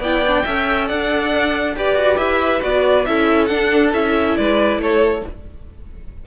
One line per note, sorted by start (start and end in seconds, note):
0.00 0.43 B3
0.00 0.26 E4
0.00 0.44 D5
0.00 0.88 G5
0.27 0.46 D4
0.44 0.91 C#4
0.44 1.77 A4
0.44 0.88 E5
0.88 1.76 D4
0.88 1.75 D5
0.88 1.75 F#5
1.76 1.96 G4
1.76 2.61 G4
1.76 3.08 B4
1.76 2.18 D5
1.96 2.18 F#4
2.18 2.62 E4
2.18 2.62 E5
2.61 3.07 B3
2.61 3.05 F#4
2.61 3.06 D5
3.06 3.50 C#4
3.06 3.50 E4
3.06 4.38 A4
3.06 3.46 E5
3.46 3.93 D4
3.46 3.94 D4
3.46 3.90 F#5
3.93 4.37 C#4
3.93 5.23 E4
3.93 4.37 E5
4.37 4.78 G#3
4.37 4.82 B4
4.37 4.80 D5
4.78 5.22 A3
4.78 5.27 A4
4.78 5.26 C#5